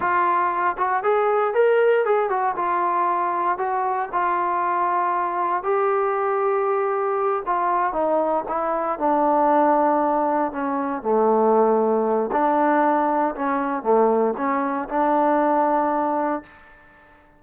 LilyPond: \new Staff \with { instrumentName = "trombone" } { \time 4/4 \tempo 4 = 117 f'4. fis'8 gis'4 ais'4 | gis'8 fis'8 f'2 fis'4 | f'2. g'4~ | g'2~ g'8 f'4 dis'8~ |
dis'8 e'4 d'2~ d'8~ | d'8 cis'4 a2~ a8 | d'2 cis'4 a4 | cis'4 d'2. | }